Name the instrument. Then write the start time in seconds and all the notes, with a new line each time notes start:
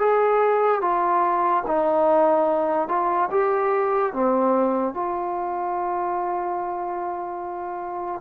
trombone
0.00 G#4
0.82 F4
1.67 D#4
2.89 F4
3.31 G4
4.13 C4
4.94 F4